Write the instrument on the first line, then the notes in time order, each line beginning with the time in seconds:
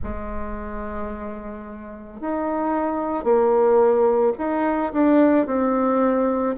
bassoon
0.03 G#3
2.21 D#4
3.23 A#3
4.37 D#4
4.92 D4
5.46 C4